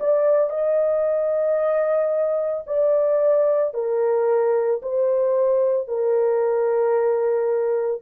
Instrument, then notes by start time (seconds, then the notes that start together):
horn
0.00 D5
0.50 D#5
2.67 D5
3.74 A#4
4.82 C5
5.88 A#4